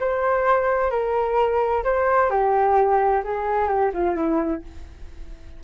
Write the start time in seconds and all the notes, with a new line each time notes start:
0.00 C5
0.91 A#4
1.84 C5
2.30 G4
3.24 G#4
3.68 G4
3.93 F4
4.16 E4